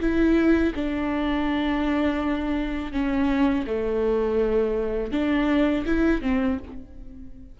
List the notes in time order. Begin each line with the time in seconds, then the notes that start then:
0.00 E4
0.75 D4
2.92 C#4
3.67 A3
5.12 D4
5.86 E4
6.22 C4